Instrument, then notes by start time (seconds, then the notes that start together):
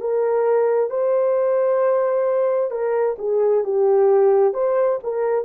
horn
0.00 A#4
0.90 C5
2.70 A#4
3.18 G#4
3.64 G4
4.53 C5
5.03 A#4